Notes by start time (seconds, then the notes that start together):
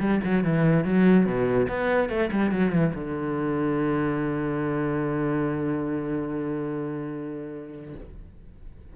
0.00 G3
0.24 F#3
0.44 E3
0.85 F#3
1.26 B2
1.69 B3
2.09 A3
2.32 G3
2.52 F#3
2.72 E3
2.95 D3